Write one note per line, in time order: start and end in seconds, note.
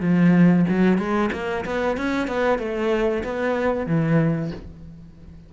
0.00 0.65 F3
0.68 0.98 F#3
0.98 1.30 G#3
1.32 1.64 A#3
1.65 1.97 B3
1.97 2.27 C#4
2.27 2.58 B3
2.58 3.23 A3
3.23 3.86 B3
3.86 4.51 E3